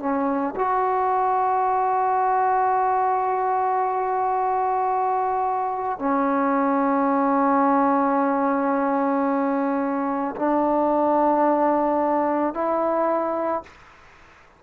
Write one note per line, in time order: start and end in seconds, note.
0.00 0.55 C#4
0.56 5.99 F#4
5.99 10.35 C#4
10.36 12.55 D4
12.55 13.64 E4